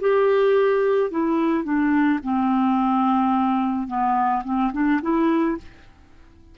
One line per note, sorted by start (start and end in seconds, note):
0.00 1.11 G4
1.11 1.64 E4
1.64 2.20 D4
2.23 3.87 C4
3.87 4.43 B3
4.44 4.72 C4
4.73 5.01 D4
5.02 5.58 E4